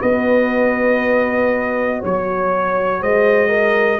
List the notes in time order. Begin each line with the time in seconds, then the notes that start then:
0.00 B3 F#4 B4 D#5
1.99 F#3 C#5
3.00 G#3 C5 D#5
3.49 A#4